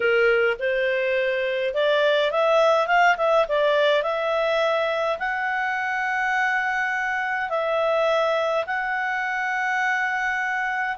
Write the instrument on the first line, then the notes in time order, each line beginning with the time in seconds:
clarinet
0.00 A#4
0.59 C5
1.74 D5
2.31 E5
2.87 F5
3.17 E5
3.48 D5
4.03 E5
5.18 F#5
7.49 E5
8.66 F#5